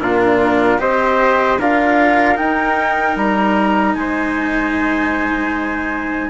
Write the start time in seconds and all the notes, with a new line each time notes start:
0.00 A#2 D4 F4 A#4
0.78 C4 G4 C5 D#5
1.59 D4 F4 A#4 F5
2.35 D#4 G5
3.16 G3 A#5
3.95 G#3 C5 G#5